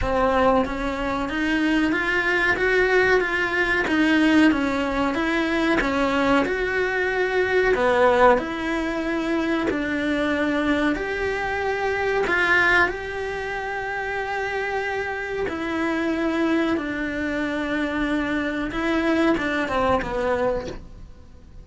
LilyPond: \new Staff \with { instrumentName = "cello" } { \time 4/4 \tempo 4 = 93 c'4 cis'4 dis'4 f'4 | fis'4 f'4 dis'4 cis'4 | e'4 cis'4 fis'2 | b4 e'2 d'4~ |
d'4 g'2 f'4 | g'1 | e'2 d'2~ | d'4 e'4 d'8 c'8 b4 | }